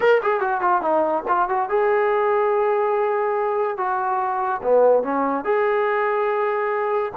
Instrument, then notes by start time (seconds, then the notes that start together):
trombone
0.00 A#4
0.23 G#4
0.40 F#4
0.60 F4
0.81 D#4
1.28 F4
1.48 F#4
1.69 G#4
3.77 F#4
4.62 B3
5.03 C#4
5.44 G#4